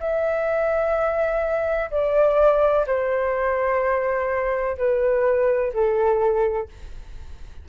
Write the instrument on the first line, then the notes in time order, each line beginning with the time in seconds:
flute
0.00 E5
1.90 D5
2.87 C5
4.77 B4
5.74 A4